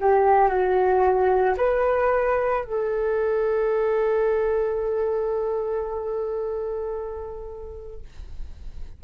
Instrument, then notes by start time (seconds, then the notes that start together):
flute
0.00 G4
0.48 F#4
1.57 B4
2.64 A4